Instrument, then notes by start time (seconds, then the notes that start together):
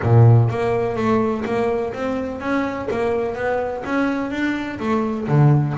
double bass
0.02 A#2
0.49 A#3
0.96 A3
1.45 A#3
1.93 C4
2.40 C#4
2.90 A#3
3.35 B3
3.85 C#4
4.30 D4
4.79 A3
5.28 D3